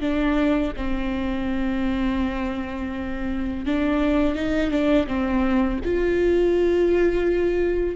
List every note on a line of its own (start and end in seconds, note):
0.00 0.72 D4
0.76 3.65 C4
3.65 4.35 D4
4.35 4.70 D#4
4.70 5.06 D4
5.07 5.79 C4
5.84 7.96 F4